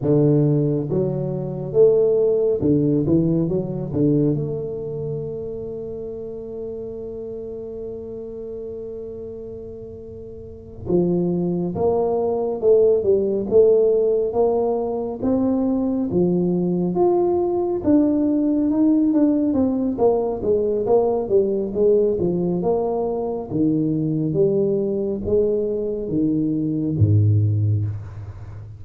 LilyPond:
\new Staff \with { instrumentName = "tuba" } { \time 4/4 \tempo 4 = 69 d4 fis4 a4 d8 e8 | fis8 d8 a2.~ | a1~ | a8 f4 ais4 a8 g8 a8~ |
a8 ais4 c'4 f4 f'8~ | f'8 d'4 dis'8 d'8 c'8 ais8 gis8 | ais8 g8 gis8 f8 ais4 dis4 | g4 gis4 dis4 gis,4 | }